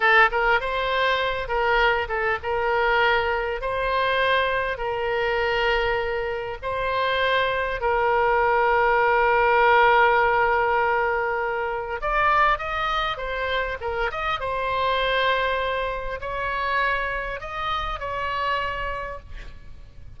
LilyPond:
\new Staff \with { instrumentName = "oboe" } { \time 4/4 \tempo 4 = 100 a'8 ais'8 c''4. ais'4 a'8 | ais'2 c''2 | ais'2. c''4~ | c''4 ais'2.~ |
ais'1 | d''4 dis''4 c''4 ais'8 dis''8 | c''2. cis''4~ | cis''4 dis''4 cis''2 | }